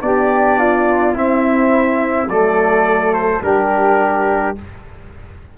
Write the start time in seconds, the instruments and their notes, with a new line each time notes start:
0.00 tuba B3, trombone D4, flute G4, trumpet D5
0.58 flute F4
1.14 trombone C4, tuba C4, flute E4, trumpet E5
2.27 tuba F#3, trombone A3, flute A4, trumpet D5
3.13 trumpet C5
3.40 tuba G3, trombone D4, flute G4, trumpet A#4